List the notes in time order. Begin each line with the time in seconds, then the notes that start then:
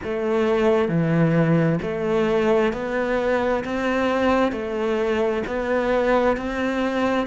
0.03 A3
0.88 E3
1.81 A3
2.73 B3
3.64 C4
4.52 A3
5.46 B3
6.36 C4